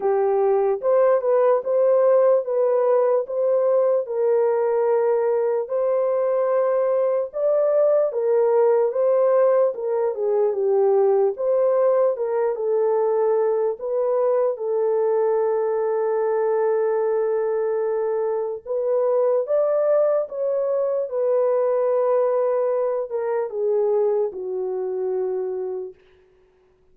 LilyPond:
\new Staff \with { instrumentName = "horn" } { \time 4/4 \tempo 4 = 74 g'4 c''8 b'8 c''4 b'4 | c''4 ais'2 c''4~ | c''4 d''4 ais'4 c''4 | ais'8 gis'8 g'4 c''4 ais'8 a'8~ |
a'4 b'4 a'2~ | a'2. b'4 | d''4 cis''4 b'2~ | b'8 ais'8 gis'4 fis'2 | }